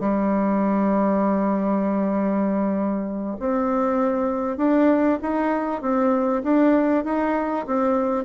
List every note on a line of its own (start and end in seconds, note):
0.00 3.37 G3
3.40 4.58 C4
4.58 5.19 D4
5.22 5.82 D#4
5.82 6.43 C4
6.43 7.05 D4
7.05 7.66 D#4
7.67 8.25 C4